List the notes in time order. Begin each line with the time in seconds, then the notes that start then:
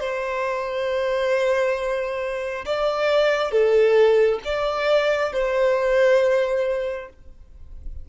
0.00 C5
2.66 D5
3.51 A4
4.44 D5
5.33 C5